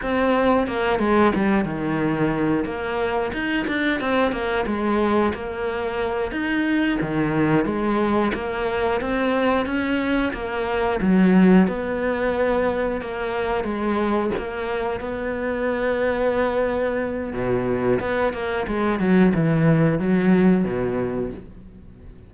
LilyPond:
\new Staff \with { instrumentName = "cello" } { \time 4/4 \tempo 4 = 90 c'4 ais8 gis8 g8 dis4. | ais4 dis'8 d'8 c'8 ais8 gis4 | ais4. dis'4 dis4 gis8~ | gis8 ais4 c'4 cis'4 ais8~ |
ais8 fis4 b2 ais8~ | ais8 gis4 ais4 b4.~ | b2 b,4 b8 ais8 | gis8 fis8 e4 fis4 b,4 | }